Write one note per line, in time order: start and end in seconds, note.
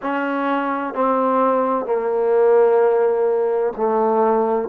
0.02 0.94 C#4
0.94 1.85 C4
1.85 3.73 A#3
3.76 4.68 A3